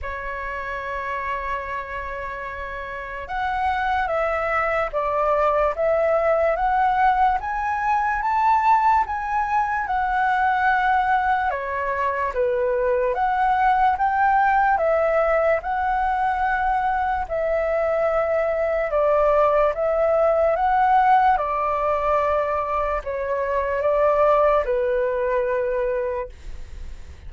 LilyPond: \new Staff \with { instrumentName = "flute" } { \time 4/4 \tempo 4 = 73 cis''1 | fis''4 e''4 d''4 e''4 | fis''4 gis''4 a''4 gis''4 | fis''2 cis''4 b'4 |
fis''4 g''4 e''4 fis''4~ | fis''4 e''2 d''4 | e''4 fis''4 d''2 | cis''4 d''4 b'2 | }